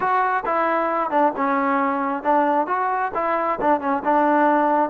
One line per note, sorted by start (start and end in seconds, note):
0.00 0.43 F#4
0.45 1.10 E4
1.10 1.32 D4
1.36 2.23 C#4
2.23 2.66 D4
2.66 3.11 F#4
3.14 3.59 E4
3.60 3.80 D4
3.80 4.02 C#4
4.04 4.89 D4